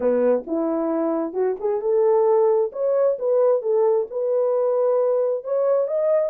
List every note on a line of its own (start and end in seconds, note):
0.00 0.44 B3
0.46 1.33 E4
1.33 1.56 F#4
1.60 1.81 G#4
1.81 2.71 A4
2.72 3.17 C#5
3.18 3.62 B4
3.62 4.07 A4
4.10 5.44 B4
5.44 5.87 C#5
5.87 6.30 D#5